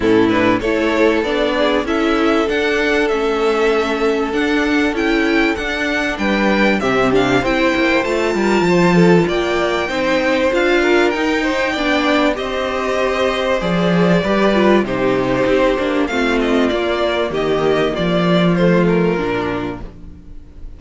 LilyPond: <<
  \new Staff \with { instrumentName = "violin" } { \time 4/4 \tempo 4 = 97 a'8 b'8 cis''4 d''4 e''4 | fis''4 e''2 fis''4 | g''4 fis''4 g''4 e''8 f''8 | g''4 a''2 g''4~ |
g''4 f''4 g''2 | dis''2 d''2 | c''2 f''8 dis''8 d''4 | dis''4 d''4 c''8 ais'4. | }
  \new Staff \with { instrumentName = "violin" } { \time 4/4 e'4 a'4. gis'8 a'4~ | a'1~ | a'2 b'4 g'4 | c''4. ais'8 c''8 a'8 d''4 |
c''4. ais'4 c''8 d''4 | c''2. b'4 | g'2 f'2 | g'4 f'2. | }
  \new Staff \with { instrumentName = "viola" } { \time 4/4 cis'8 d'8 e'4 d'4 e'4 | d'4 cis'2 d'4 | e'4 d'2 c'8 d'8 | e'4 f'2. |
dis'4 f'4 dis'4 d'4 | g'2 gis'4 g'8 f'8 | dis'4. d'8 c'4 ais4~ | ais2 a4 d'4 | }
  \new Staff \with { instrumentName = "cello" } { \time 4/4 a,4 a4 b4 cis'4 | d'4 a2 d'4 | cis'4 d'4 g4 c4 | c'8 ais8 a8 g8 f4 ais4 |
c'4 d'4 dis'4 b4 | c'2 f4 g4 | c4 c'8 ais8 a4 ais4 | dis4 f2 ais,4 | }
>>